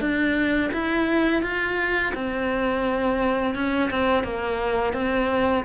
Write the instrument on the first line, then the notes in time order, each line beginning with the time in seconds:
cello
0.00 D4
0.73 E4
1.42 F4
2.14 C4
3.54 C#4
3.90 C4
4.24 A#3
4.93 C4